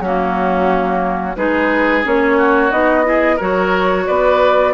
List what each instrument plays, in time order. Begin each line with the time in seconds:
0.00 bassoon F#3, clarinet A#3, oboe C#4, flute F#4
1.36 bassoon G#3, clarinet D#4, oboe G#4, flute B4
2.04 bassoon A#3, clarinet C#4, flute C#5
2.37 oboe F#4
2.71 bassoon B3, clarinet D#4, flute D#5
3.04 clarinet E4, oboe G#4
3.36 bassoon F#3, clarinet F#4, oboe A#4, flute C#5
4.07 bassoon B3, oboe B4, flute D5